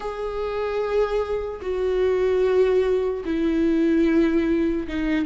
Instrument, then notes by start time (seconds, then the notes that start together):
viola
0.00 G#4
1.61 F#4
3.25 E4
4.87 D#4